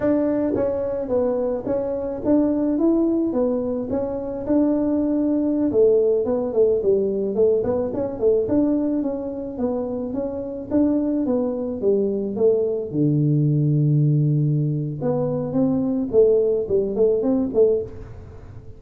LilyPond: \new Staff \with { instrumentName = "tuba" } { \time 4/4 \tempo 4 = 108 d'4 cis'4 b4 cis'4 | d'4 e'4 b4 cis'4 | d'2~ d'16 a4 b8 a16~ | a16 g4 a8 b8 cis'8 a8 d'8.~ |
d'16 cis'4 b4 cis'4 d'8.~ | d'16 b4 g4 a4 d8.~ | d2. b4 | c'4 a4 g8 a8 c'8 a8 | }